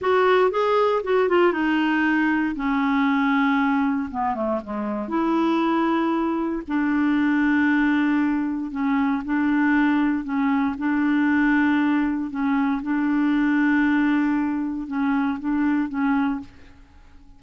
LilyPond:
\new Staff \with { instrumentName = "clarinet" } { \time 4/4 \tempo 4 = 117 fis'4 gis'4 fis'8 f'8 dis'4~ | dis'4 cis'2. | b8 a8 gis4 e'2~ | e'4 d'2.~ |
d'4 cis'4 d'2 | cis'4 d'2. | cis'4 d'2.~ | d'4 cis'4 d'4 cis'4 | }